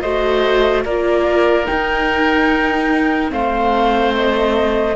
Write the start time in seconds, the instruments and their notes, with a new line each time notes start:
0.00 cello A3, viola F#4, oboe C5, flute D#5
0.84 cello A#3, viola F4, oboe A#4, flute D5
1.65 viola D#4, cello D#4, flute G5
3.28 cello A3, viola C4, oboe C5, flute F5
4.14 flute D#5